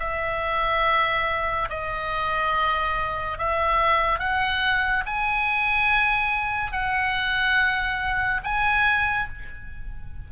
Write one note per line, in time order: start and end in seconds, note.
0.00 1.69 E5
1.70 3.38 D#5
3.38 4.19 E5
4.19 5.04 F#5
5.06 6.72 G#5
6.72 8.41 F#5
8.44 9.28 G#5